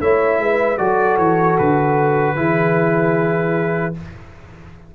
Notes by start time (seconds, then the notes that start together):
0.00 A3 E4 C#5 E5
0.39 G#3 B4
0.78 F#3 F#4 A4 D5
1.18 E3 C#5
1.58 D3 B4
2.37 E3 E4 G#4